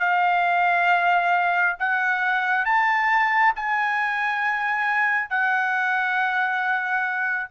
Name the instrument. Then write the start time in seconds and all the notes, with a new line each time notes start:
trumpet
0.00 F5
1.80 F#5
2.66 A5
3.56 G#5
5.30 F#5